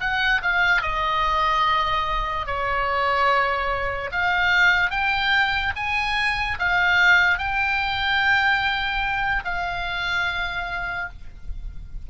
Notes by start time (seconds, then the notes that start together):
0.00 F#5
0.42 F5
0.82 D#5
2.47 C#5
4.12 F5
4.91 G5
5.76 G#5
6.59 F5
7.38 G5
9.44 F5